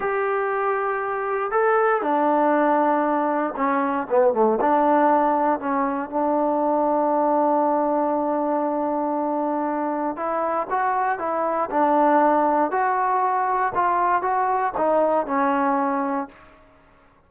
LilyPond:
\new Staff \with { instrumentName = "trombone" } { \time 4/4 \tempo 4 = 118 g'2. a'4 | d'2. cis'4 | b8 a8 d'2 cis'4 | d'1~ |
d'1 | e'4 fis'4 e'4 d'4~ | d'4 fis'2 f'4 | fis'4 dis'4 cis'2 | }